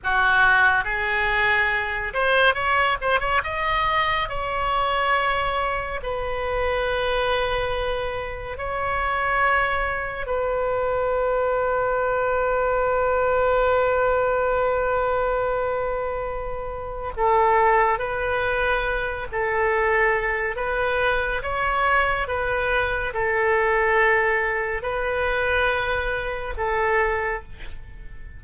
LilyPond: \new Staff \with { instrumentName = "oboe" } { \time 4/4 \tempo 4 = 70 fis'4 gis'4. c''8 cis''8 c''16 cis''16 | dis''4 cis''2 b'4~ | b'2 cis''2 | b'1~ |
b'1 | a'4 b'4. a'4. | b'4 cis''4 b'4 a'4~ | a'4 b'2 a'4 | }